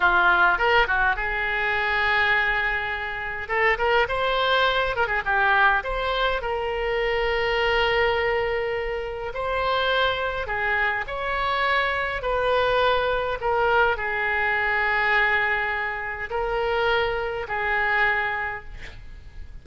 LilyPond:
\new Staff \with { instrumentName = "oboe" } { \time 4/4 \tempo 4 = 103 f'4 ais'8 fis'8 gis'2~ | gis'2 a'8 ais'8 c''4~ | c''8 ais'16 gis'16 g'4 c''4 ais'4~ | ais'1 |
c''2 gis'4 cis''4~ | cis''4 b'2 ais'4 | gis'1 | ais'2 gis'2 | }